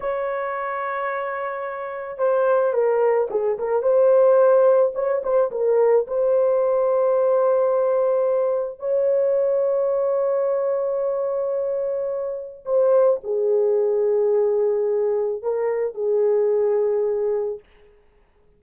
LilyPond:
\new Staff \with { instrumentName = "horn" } { \time 4/4 \tempo 4 = 109 cis''1 | c''4 ais'4 gis'8 ais'8 c''4~ | c''4 cis''8 c''8 ais'4 c''4~ | c''1 |
cis''1~ | cis''2. c''4 | gis'1 | ais'4 gis'2. | }